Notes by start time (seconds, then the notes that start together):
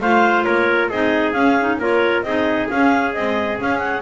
0.00 A3 F4 C5 F5
0.44 A#3 A#4 C#5
0.89 C4 D#4 G#4 D#5
1.32 C#4 F5
1.61 D#4
1.78 A#3 F4 A#4 C#5
2.23 C4 D#4 G#4 D#5
2.69 C#4 F5
3.12 G#3 C4 D#5
3.58 C#4 F5
3.79 F#5